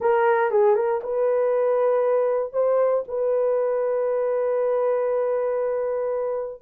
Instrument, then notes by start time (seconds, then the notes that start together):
horn
0.00 A#4
0.50 G#4
0.75 A#4
1.03 B4
2.53 C5
3.08 B4